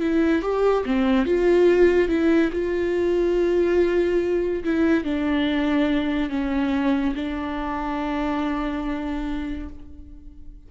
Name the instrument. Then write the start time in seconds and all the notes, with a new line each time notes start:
viola
0.00 E4
0.42 G4
0.86 C4
1.26 F4
2.08 E4
2.52 F4
4.64 E4
5.04 D4
6.30 C#4
7.15 D4